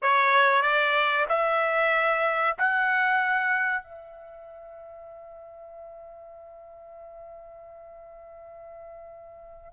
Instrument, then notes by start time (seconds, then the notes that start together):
trumpet
0.01 C#5
0.62 D5
1.29 E5
2.58 F#5
3.83 E5